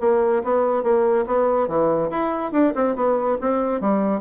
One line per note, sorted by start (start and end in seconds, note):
0.00 0.42 A#3
0.43 0.83 B3
0.83 1.25 A#3
1.26 1.67 B3
1.67 2.10 E3
2.10 2.52 E4
2.52 2.73 D4
2.75 2.95 C4
2.95 3.37 B3
3.40 3.80 C4
3.80 4.20 G3